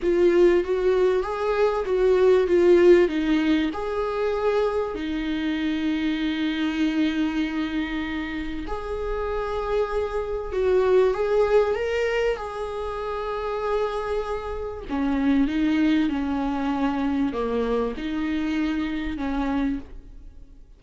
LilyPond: \new Staff \with { instrumentName = "viola" } { \time 4/4 \tempo 4 = 97 f'4 fis'4 gis'4 fis'4 | f'4 dis'4 gis'2 | dis'1~ | dis'2 gis'2~ |
gis'4 fis'4 gis'4 ais'4 | gis'1 | cis'4 dis'4 cis'2 | ais4 dis'2 cis'4 | }